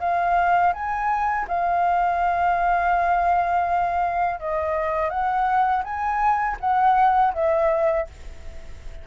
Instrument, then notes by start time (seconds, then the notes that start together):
flute
0.00 F5
0.74 G#5
1.48 F5
4.40 D#5
5.10 F#5
5.84 G#5
6.61 F#5
7.34 E5